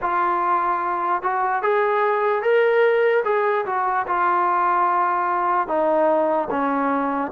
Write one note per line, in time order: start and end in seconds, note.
0.01 1.22 F4
1.22 1.62 F#4
1.62 2.42 G#4
2.42 3.23 A#4
3.24 3.65 G#4
3.65 4.05 F#4
4.07 5.67 F4
5.67 6.48 D#4
6.50 7.31 C#4